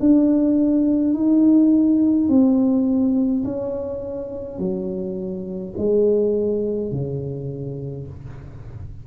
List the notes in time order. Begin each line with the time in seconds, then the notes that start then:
0.00 D4
1.14 D#4
2.29 C4
3.45 C#4
4.59 F#3
5.78 G#3
6.92 C#3